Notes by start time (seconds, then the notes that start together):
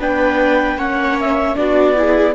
0.00 B3 D4 B4 G5
0.76 A#3 C#4 C#5 F#5
1.20 E5
1.56 B3 D4 F#4 D5
1.96 E4 G#4